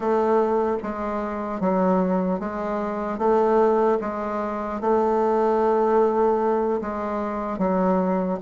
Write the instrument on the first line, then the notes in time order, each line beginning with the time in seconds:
bassoon
0.00 A3
0.83 G#3
1.60 F#3
2.39 G#3
3.18 A3
4.00 G#3
4.80 A3
6.81 G#3
7.58 F#3